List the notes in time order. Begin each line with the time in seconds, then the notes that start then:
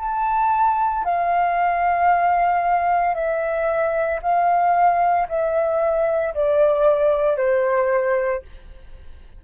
0.00 A5
1.05 F5
3.15 E5
4.22 F5
5.29 E5
6.34 D5
7.37 C5